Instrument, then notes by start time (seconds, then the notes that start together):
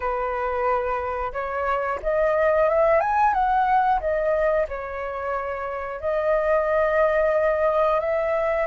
flute
0.00 B4
1.32 C#5
2.02 D#5
2.69 E5
3.00 G#5
3.33 F#5
4.00 D#5
4.68 C#5
6.00 D#5
7.99 E5